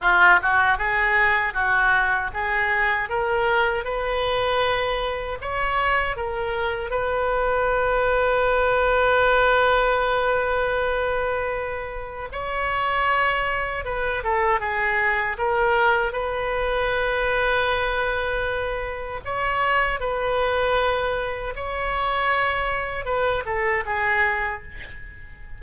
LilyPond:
\new Staff \with { instrumentName = "oboe" } { \time 4/4 \tempo 4 = 78 f'8 fis'8 gis'4 fis'4 gis'4 | ais'4 b'2 cis''4 | ais'4 b'2.~ | b'1 |
cis''2 b'8 a'8 gis'4 | ais'4 b'2.~ | b'4 cis''4 b'2 | cis''2 b'8 a'8 gis'4 | }